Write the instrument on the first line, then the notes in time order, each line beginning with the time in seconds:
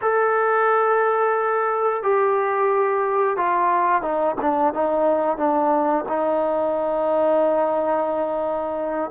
trombone
0.01 A4
2.02 G4
3.36 F4
4.01 D#4
4.41 D4
4.73 D#4
5.37 D4
6.08 D#4